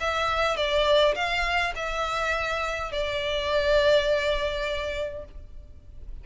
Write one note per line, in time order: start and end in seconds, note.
0.00 0.56 E5
0.56 1.14 D5
1.15 1.73 F5
1.75 2.92 E5
2.92 5.25 D5